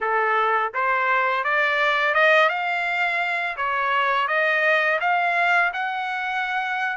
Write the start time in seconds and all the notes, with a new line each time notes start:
0.01 A4
0.73 C5
1.44 D5
2.14 D#5
2.49 F5
3.56 C#5
4.27 D#5
5.00 F5
5.73 F#5